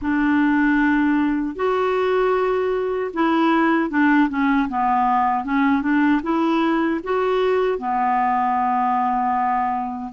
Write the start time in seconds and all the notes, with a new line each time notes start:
0.01 D4
1.55 F#4
3.13 E4
3.90 D4
4.29 C#4
4.69 B3
5.44 C#4
5.82 D4
6.22 E4
7.03 F#4
7.78 B3